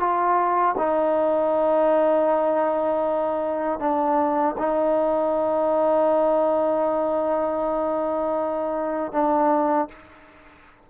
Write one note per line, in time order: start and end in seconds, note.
0.00 0.76 F4
0.78 3.80 D#4
3.80 4.56 D4
4.58 9.12 D#4
9.12 9.88 D4